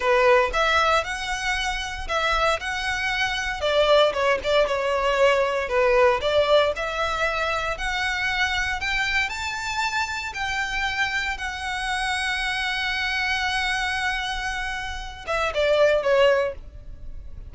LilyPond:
\new Staff \with { instrumentName = "violin" } { \time 4/4 \tempo 4 = 116 b'4 e''4 fis''2 | e''4 fis''2 d''4 | cis''8 d''8 cis''2 b'4 | d''4 e''2 fis''4~ |
fis''4 g''4 a''2 | g''2 fis''2~ | fis''1~ | fis''4. e''8 d''4 cis''4 | }